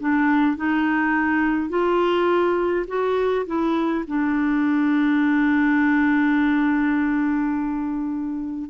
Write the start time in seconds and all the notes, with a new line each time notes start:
0.00 D4
0.56 D#4
1.69 F4
2.87 F#4
3.46 E4
4.07 D4